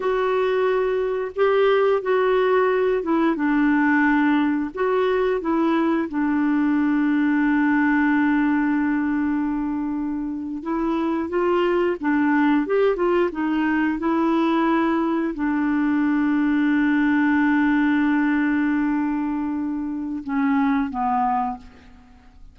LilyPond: \new Staff \with { instrumentName = "clarinet" } { \time 4/4 \tempo 4 = 89 fis'2 g'4 fis'4~ | fis'8 e'8 d'2 fis'4 | e'4 d'2.~ | d'2.~ d'8. e'16~ |
e'8. f'4 d'4 g'8 f'8 dis'16~ | dis'8. e'2 d'4~ d'16~ | d'1~ | d'2 cis'4 b4 | }